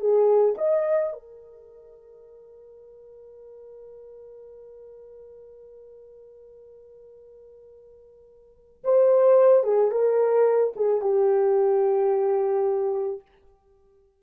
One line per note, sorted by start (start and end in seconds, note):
0.00 0.55 G#4
0.58 1.13 D#5
1.13 8.83 A#4
8.84 9.64 C5
9.64 9.91 G#4
9.91 10.74 A#4
10.76 11.01 G#4
11.01 13.22 G4